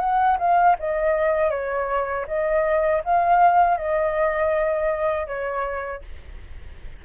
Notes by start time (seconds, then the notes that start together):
0.00 F#5
0.39 F5
0.79 D#5
1.51 C#5
2.28 D#5
3.05 F5
3.78 D#5
5.27 C#5